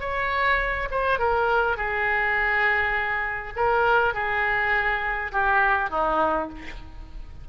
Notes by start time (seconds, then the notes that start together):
0.00 C#5
0.91 C5
1.19 A#4
1.76 G#4
3.56 A#4
4.14 G#4
5.32 G4
5.90 D#4